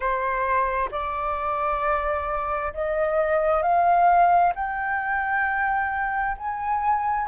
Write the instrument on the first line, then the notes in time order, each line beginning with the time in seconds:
flute
0.00 C5
0.91 D5
2.73 D#5
3.62 F5
4.55 G5
6.37 G#5